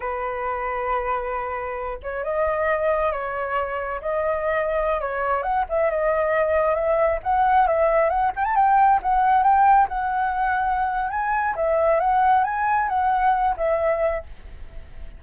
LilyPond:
\new Staff \with { instrumentName = "flute" } { \time 4/4 \tempo 4 = 135 b'1~ | b'8 cis''8 dis''2 cis''4~ | cis''4 dis''2~ dis''16 cis''8.~ | cis''16 fis''8 e''8 dis''2 e''8.~ |
e''16 fis''4 e''4 fis''8 g''16 a''16 g''8.~ | g''16 fis''4 g''4 fis''4.~ fis''16~ | fis''4 gis''4 e''4 fis''4 | gis''4 fis''4. e''4. | }